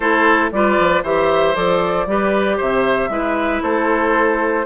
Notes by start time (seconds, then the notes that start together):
0.00 A3 E4 A4 C5
0.52 G3 F4 B4 D5
0.79 F3
1.03 E3 G4 C5 E5
1.54 F3 A4 D5
2.06 G3 G4 B4
2.57 C3 C5 E5
3.09 G#3 E4 B4
3.62 A3 A4 C5